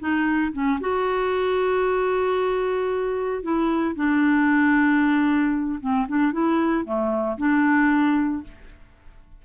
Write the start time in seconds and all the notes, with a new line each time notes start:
0.00 D#4
0.53 C#4
0.81 F#4
3.43 E4
3.96 D4
5.81 C4
6.09 D4
6.33 E4
6.85 A3
7.38 D4